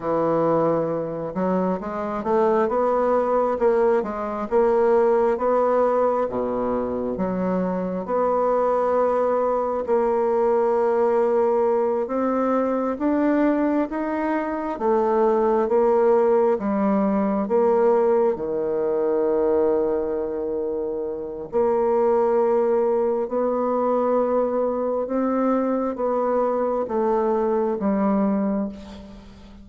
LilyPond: \new Staff \with { instrumentName = "bassoon" } { \time 4/4 \tempo 4 = 67 e4. fis8 gis8 a8 b4 | ais8 gis8 ais4 b4 b,4 | fis4 b2 ais4~ | ais4. c'4 d'4 dis'8~ |
dis'8 a4 ais4 g4 ais8~ | ais8 dis2.~ dis8 | ais2 b2 | c'4 b4 a4 g4 | }